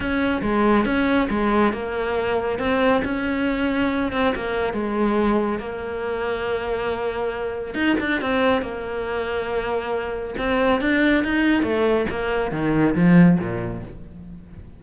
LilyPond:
\new Staff \with { instrumentName = "cello" } { \time 4/4 \tempo 4 = 139 cis'4 gis4 cis'4 gis4 | ais2 c'4 cis'4~ | cis'4. c'8 ais4 gis4~ | gis4 ais2.~ |
ais2 dis'8 d'8 c'4 | ais1 | c'4 d'4 dis'4 a4 | ais4 dis4 f4 ais,4 | }